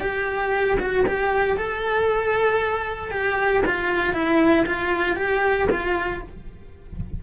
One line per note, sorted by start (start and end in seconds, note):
0.00 0.78 G4
0.79 1.05 F#4
1.06 1.57 G4
1.57 3.11 A4
3.11 3.62 G4
3.66 4.13 F4
4.13 4.65 E4
4.66 5.16 F4
5.16 5.68 G4
5.71 6.22 F4